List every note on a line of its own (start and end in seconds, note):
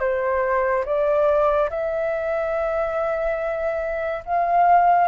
0.00 0.85 C5
0.85 1.70 D5
1.71 4.24 E5
4.26 5.09 F5